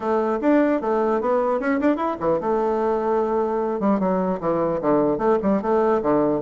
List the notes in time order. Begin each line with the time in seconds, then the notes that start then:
0.00 A3
0.41 D4
0.81 A3
1.21 B3
1.59 C#4
1.80 D4
1.96 E4
2.20 E3
2.40 A3
3.79 G3
3.99 F#3
4.40 E3
4.81 D3
5.17 A3
5.42 G3
5.62 A3
6.02 D3